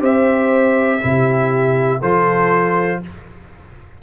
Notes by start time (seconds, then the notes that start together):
0.00 C4 G4 C5 E5
1.00 C3 E4 G4
2.01 F3 F4 A4 C5